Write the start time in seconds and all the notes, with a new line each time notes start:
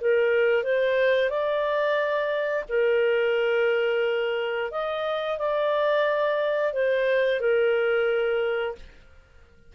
0.00 A#4
0.63 C5
1.29 D5
2.68 A#4
4.70 D#5
5.38 D5
6.73 C5
7.39 A#4